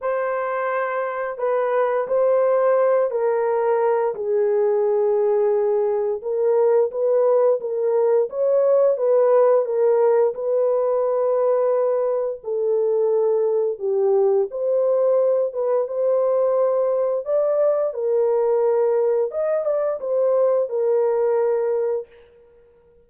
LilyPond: \new Staff \with { instrumentName = "horn" } { \time 4/4 \tempo 4 = 87 c''2 b'4 c''4~ | c''8 ais'4. gis'2~ | gis'4 ais'4 b'4 ais'4 | cis''4 b'4 ais'4 b'4~ |
b'2 a'2 | g'4 c''4. b'8 c''4~ | c''4 d''4 ais'2 | dis''8 d''8 c''4 ais'2 | }